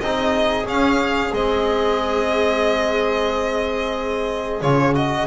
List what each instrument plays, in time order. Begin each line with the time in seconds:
0.00 double bass C4, trombone D#4, viola G#4, violin D#5
0.64 trombone C#4, double bass C#4, violin F5
1.32 double bass G#3, trombone C4, violin D#5
4.61 double bass C#3, trombone F4, violin C#5
4.95 trombone F#4, violin D#5